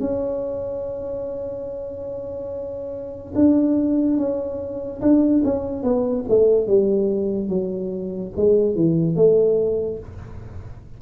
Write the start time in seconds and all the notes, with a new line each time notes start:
0.00 C#4
3.35 D4
4.17 C#4
5.01 D4
5.44 C#4
5.83 B3
6.28 A3
6.67 G3
7.48 F#3
8.36 G#3
8.75 E3
9.15 A3